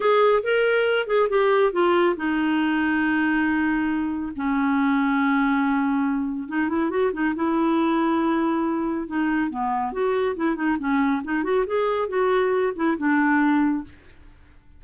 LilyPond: \new Staff \with { instrumentName = "clarinet" } { \time 4/4 \tempo 4 = 139 gis'4 ais'4. gis'8 g'4 | f'4 dis'2.~ | dis'2 cis'2~ | cis'2. dis'8 e'8 |
fis'8 dis'8 e'2.~ | e'4 dis'4 b4 fis'4 | e'8 dis'8 cis'4 dis'8 fis'8 gis'4 | fis'4. e'8 d'2 | }